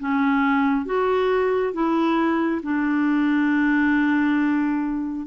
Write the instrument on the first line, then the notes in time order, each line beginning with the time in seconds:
clarinet
0.00 C#4
0.85 F#4
1.73 E4
2.63 D4